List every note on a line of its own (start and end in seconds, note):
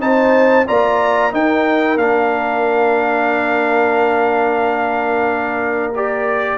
0.00 0.66 C4
0.00 0.66 D#4
0.00 0.68 C5
0.00 0.68 A5
0.67 1.33 A#3
0.67 1.32 F4
0.67 1.34 D5
0.67 1.34 A#5
1.32 1.98 D#4
1.32 1.97 D#4
1.32 6.59 A#4
1.32 1.98 G5
1.97 6.59 A#3
1.97 5.94 D4
1.97 5.94 F5
5.96 6.59 G4
5.96 6.59 D5